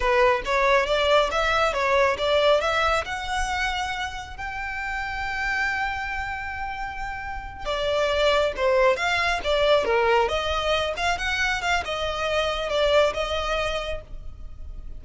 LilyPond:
\new Staff \with { instrumentName = "violin" } { \time 4/4 \tempo 4 = 137 b'4 cis''4 d''4 e''4 | cis''4 d''4 e''4 fis''4~ | fis''2 g''2~ | g''1~ |
g''4. d''2 c''8~ | c''8 f''4 d''4 ais'4 dis''8~ | dis''4 f''8 fis''4 f''8 dis''4~ | dis''4 d''4 dis''2 | }